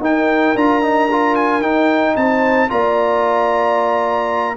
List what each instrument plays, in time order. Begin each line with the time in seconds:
0.00 tuba D#4, trombone D#4, horn A#4, trumpet G5
0.55 tuba D4, trombone F4, trumpet A#5
0.82 trombone D#4
1.11 trombone F4
1.36 trumpet G#5
1.61 tuba D#4, trombone D#4, trumpet G5
2.16 tuba C4, horn C5, trumpet A5
2.69 tuba A#3, trombone F4, horn D5, trumpet A#5